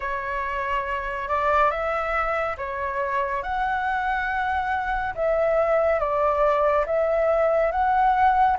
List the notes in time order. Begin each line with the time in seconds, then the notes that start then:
0.00 C#5
1.28 D5
1.70 E5
2.57 C#5
3.42 F#5
5.14 E5
5.99 D5
6.86 E5
7.71 F#5